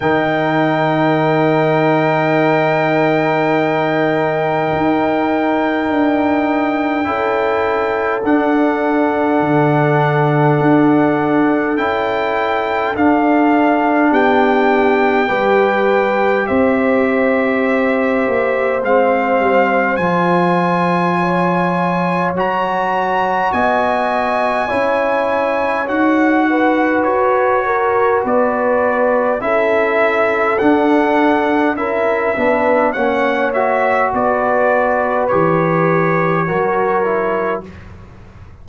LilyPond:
<<
  \new Staff \with { instrumentName = "trumpet" } { \time 4/4 \tempo 4 = 51 g''1~ | g''2. fis''4~ | fis''2 g''4 f''4 | g''2 e''2 |
f''4 gis''2 ais''4 | gis''2 fis''4 cis''4 | d''4 e''4 fis''4 e''4 | fis''8 e''8 d''4 cis''2 | }
  \new Staff \with { instrumentName = "horn" } { \time 4/4 ais'1~ | ais'2 a'2~ | a'1 | g'4 b'4 c''2~ |
c''2 cis''2 | dis''4 cis''4. b'4 ais'8 | b'4 a'2 ais'8 b'8 | cis''4 b'2 ais'4 | }
  \new Staff \with { instrumentName = "trombone" } { \time 4/4 dis'1~ | dis'2 e'4 d'4~ | d'2 e'4 d'4~ | d'4 g'2. |
c'4 f'2 fis'4~ | fis'4 e'4 fis'2~ | fis'4 e'4 d'4 e'8 d'8 | cis'8 fis'4. g'4 fis'8 e'8 | }
  \new Staff \with { instrumentName = "tuba" } { \time 4/4 dis1 | dis'4 d'4 cis'4 d'4 | d4 d'4 cis'4 d'4 | b4 g4 c'4. ais8 |
gis8 g8 f2 fis4 | b4 cis'4 dis'4 fis'4 | b4 cis'4 d'4 cis'8 b8 | ais4 b4 e4 fis4 | }
>>